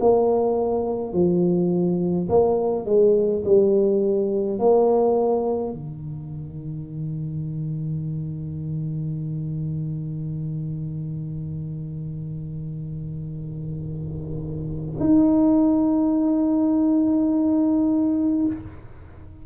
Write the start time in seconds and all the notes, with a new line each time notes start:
0.00 A#3
1.13 F3
2.29 A#3
2.85 G#3
3.45 G3
4.59 A#3
5.73 D#3
15.00 D#4